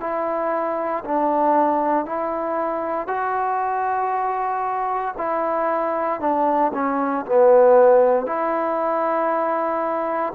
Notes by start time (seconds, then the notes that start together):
0.00 E4
1.04 D4
2.05 E4
3.07 F#4
5.17 E4
6.20 D4
6.73 C#4
7.26 B3
8.26 E4